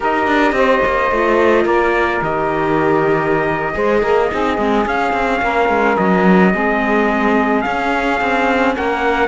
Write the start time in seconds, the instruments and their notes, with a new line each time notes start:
0.00 cello D#4, viola G4, saxophone A#4, trumpet D#5
0.27 cello D4
0.52 cello C4, saxophone C5
0.85 cello A#3
1.11 cello A3, viola F4
1.64 cello A#3, saxophone A#4, trumpet D5
2.21 cello D#3, viola G4, trumpet D#5
3.73 cello G#3, viola G#4, saxophone C5
4.01 cello A#3, saxophone A#4
4.30 cello C4, viola D#4, saxophone G#4
4.57 cello G#3, viola C4
4.85 viola C#4, cello C#4, trumpet F5
5.12 cello C4
5.41 cello A#3, saxophone A#4
5.68 cello G#3
5.97 cello F#3, trumpet D#5
6.51 cello G#3, viola C4, saxophone G#4
7.61 viola C#4, cello C#4, trumpet F5
8.20 cello C4
8.75 cello A#3, saxophone A#4, trumpet F#5